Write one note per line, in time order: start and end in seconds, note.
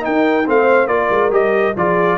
0.00 0.43 D#4
0.00 0.48 A#4
0.00 0.48 G5
0.07 0.48 D#4
0.47 0.87 A3
0.47 0.89 C4
0.47 0.91 C5
0.47 0.88 F5
0.87 1.09 A#3
0.87 1.31 F4
0.87 1.78 A#4
0.87 1.31 D5
1.11 1.31 G#3
1.31 1.75 G3
1.31 1.74 G4
1.31 1.77 D#5
1.77 2.18 F3
1.77 2.18 F4
1.77 2.18 G#4
1.77 2.18 D5